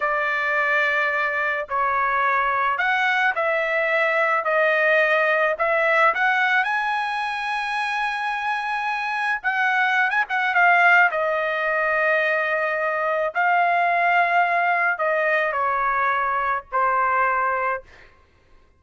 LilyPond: \new Staff \with { instrumentName = "trumpet" } { \time 4/4 \tempo 4 = 108 d''2. cis''4~ | cis''4 fis''4 e''2 | dis''2 e''4 fis''4 | gis''1~ |
gis''4 fis''4~ fis''16 gis''16 fis''8 f''4 | dis''1 | f''2. dis''4 | cis''2 c''2 | }